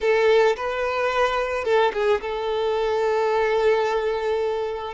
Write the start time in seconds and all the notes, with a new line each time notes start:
0.01 A4
0.56 B4
1.64 A4
1.93 G#4
2.21 A4